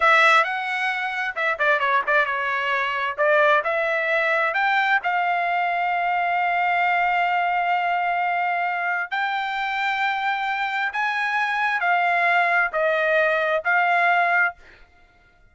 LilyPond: \new Staff \with { instrumentName = "trumpet" } { \time 4/4 \tempo 4 = 132 e''4 fis''2 e''8 d''8 | cis''8 d''8 cis''2 d''4 | e''2 g''4 f''4~ | f''1~ |
f''1 | g''1 | gis''2 f''2 | dis''2 f''2 | }